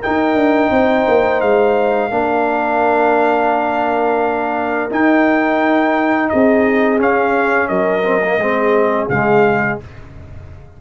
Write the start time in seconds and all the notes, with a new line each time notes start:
0.00 D#4 A#4 G5
0.07 D#4
0.35 D4
0.70 C4 C5
1.08 A#3
1.41 G#3 F5
2.11 A#3 D4 A#4
4.90 D#4 G5
6.29 C4 G#4 D#5
6.98 C#4 F5
7.68 F#3 A#4 D#5
8.03 C4
8.22 A#3
8.38 G#3 C4 G#4
9.09 C#3 G#3 F5